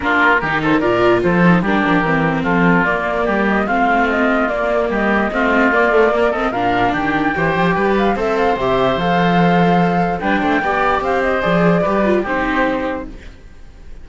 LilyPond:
<<
  \new Staff \with { instrumentName = "flute" } { \time 4/4 \tempo 4 = 147 ais'4. c''8 d''4 c''4 | ais'2 a'4 d''4~ | d''8 dis''8 f''4 dis''4 d''4 | dis''2 d''4. dis''8 |
f''4 g''2~ g''8 f''8 | e''8 f''8 e''4 f''2~ | f''4 g''2 f''8 dis''8 | d''2 c''2 | }
  \new Staff \with { instrumentName = "oboe" } { \time 4/4 f'4 g'8 a'8 ais'4 a'4 | g'2 f'2 | g'4 f'2. | g'4 f'2 ais'8 a'8 |
ais'4 g'4 c''4 b'4 | c''1~ | c''4 b'8 c''8 d''4 c''4~ | c''4 b'4 g'2 | }
  \new Staff \with { instrumentName = "viola" } { \time 4/4 d'4 dis'4 f'4. dis'8 | d'4 c'2 ais4~ | ais4 c'2 ais4~ | ais4 c'4 ais8 a8 ais8 c'8 |
d'2 g'2 | a'4 g'4 a'2~ | a'4 d'4 g'2 | gis'4 g'8 f'8 dis'2 | }
  \new Staff \with { instrumentName = "cello" } { \time 4/4 ais4 dis4 ais,4 f4 | g8 f8 e4 f4 ais4 | g4 a2 ais4 | g4 a4 ais2 |
ais,4 dis4 e8 f8 g4 | c'4 c4 f2~ | f4 g8 a8 b4 c'4 | f4 g4 c'2 | }
>>